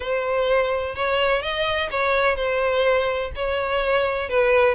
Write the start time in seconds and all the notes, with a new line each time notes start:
0.00 C5
0.95 C#5
1.42 D#5
1.90 C#5
2.36 C5
3.35 C#5
4.29 B4